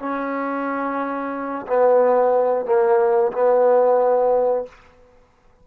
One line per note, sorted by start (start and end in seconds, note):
0.00 1.67 C#4
1.67 2.66 B3
2.66 3.32 A#3
3.32 4.66 B3